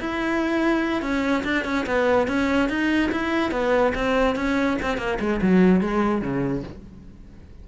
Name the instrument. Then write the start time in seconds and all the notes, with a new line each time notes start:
cello
0.00 E4
1.02 C#4
1.44 D4
1.65 C#4
1.86 B3
2.27 C#4
2.69 D#4
3.11 E4
3.51 B3
3.95 C4
4.36 C#4
4.82 C4
4.97 A#3
5.20 G#3
5.42 F#3
5.81 G#3
6.22 C#3